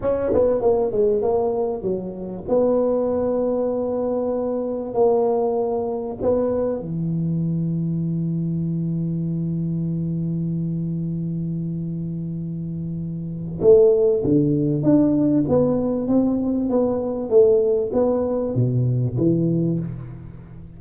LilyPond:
\new Staff \with { instrumentName = "tuba" } { \time 4/4 \tempo 4 = 97 cis'8 b8 ais8 gis8 ais4 fis4 | b1 | ais2 b4 e4~ | e1~ |
e1~ | e2 a4 d4 | d'4 b4 c'4 b4 | a4 b4 b,4 e4 | }